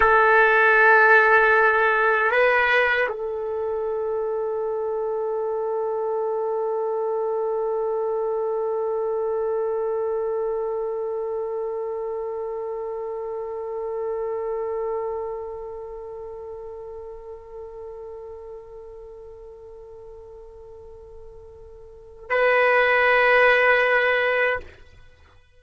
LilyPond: \new Staff \with { instrumentName = "trumpet" } { \time 4/4 \tempo 4 = 78 a'2. b'4 | a'1~ | a'1~ | a'1~ |
a'1~ | a'1~ | a'1~ | a'4 b'2. | }